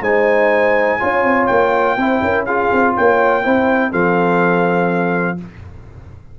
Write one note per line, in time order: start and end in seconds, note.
0.00 0.98 G#3
0.00 0.99 D#4
0.00 0.99 C5
0.00 1.46 G#5
0.99 1.24 C#4
0.99 1.97 F4
0.99 1.96 C#5
1.24 1.48 C4
1.46 1.97 A#3
1.46 2.44 G5
1.97 2.21 C4
1.97 2.47 E4
1.97 2.22 C5
2.22 2.70 C#4
2.22 2.45 A#4
2.45 3.43 F4
2.45 2.94 G#4
2.45 2.94 F5
2.72 2.97 C4
2.96 3.45 A#3
2.96 3.44 C#5
2.96 3.92 G5
3.43 3.93 C4
3.43 3.91 E4
3.43 3.91 C5
3.91 5.39 F3
3.91 5.37 C4
3.91 5.37 A4
3.91 5.39 F5